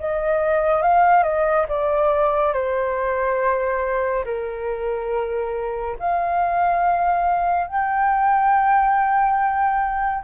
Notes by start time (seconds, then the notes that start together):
0.00 D#5
0.83 F5
1.24 D#5
1.69 D5
2.54 C5
4.25 A#4
6.00 F5
7.68 G5